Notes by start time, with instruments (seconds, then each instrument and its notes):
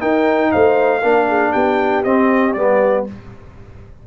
0.00 trombone D#4, tuba D#4, horn A#4, trumpet G5
0.52 tuba A3, horn C5, trumpet F5
1.02 tuba A#3, trombone D4, horn A#4
1.28 horn G#4
1.52 tuba B3, horn G4, trumpet G5
2.04 trombone C4, tuba C4, trumpet D#5
2.53 tuba G3, trombone B3, trumpet D5